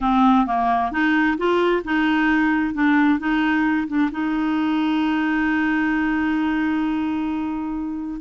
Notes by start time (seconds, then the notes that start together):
0.00 C4
0.46 A#3
0.91 D#4
1.37 F4
1.84 D#4
2.74 D4
3.19 D#4
3.87 D4
4.11 D#4